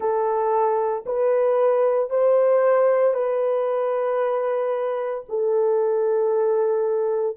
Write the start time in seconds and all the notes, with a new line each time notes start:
0.00 A4
1.05 B4
2.10 C5
3.13 B4
5.29 A4